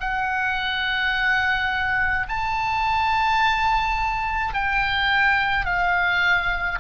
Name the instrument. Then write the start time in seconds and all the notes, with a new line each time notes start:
oboe
0.00 F#5
2.28 A5
4.54 G5
5.66 F5